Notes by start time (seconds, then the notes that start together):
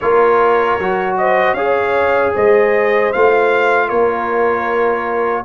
0.00 A#3 F4 A#4 C#5
0.78 F#3 F#4
1.17 C5 D#5
1.53 C#4 G#4 C#5 F5
2.33 G#3 C5 D#5
3.12 A3 F4 F5
3.88 A#3 A#4 C#5